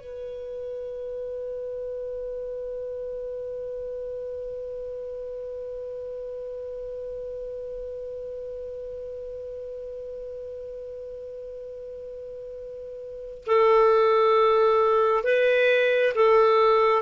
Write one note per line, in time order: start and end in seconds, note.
0.00 13.43 B4
13.46 15.24 A4
15.24 16.13 B4
16.15 17.02 A4